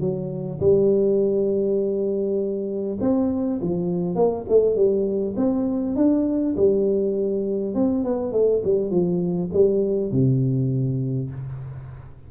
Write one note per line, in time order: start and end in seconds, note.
0.00 0.59 F#3
0.60 2.97 G3
3.00 3.60 C4
3.61 4.15 F3
4.15 4.45 A#3
4.49 4.75 A3
4.75 5.35 G3
5.36 5.95 C4
5.95 6.55 D4
6.56 7.74 G3
7.74 8.04 C4
8.04 8.32 B3
8.32 8.62 A3
8.64 8.90 G3
8.90 9.50 F3
9.53 10.11 G3
10.11 11.30 C3